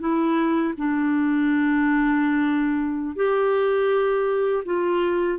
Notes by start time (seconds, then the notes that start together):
0.00 E4
0.78 D4
3.16 G4
4.65 F4